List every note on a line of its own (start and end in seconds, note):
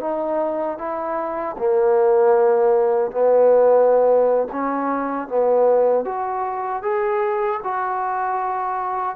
0.00 0.78 D#4
0.78 1.56 E4
1.58 3.11 A#3
3.11 4.48 B3
4.52 5.28 C#4
5.28 6.05 B3
6.05 6.83 F#4
6.83 7.60 G#4
7.64 9.16 F#4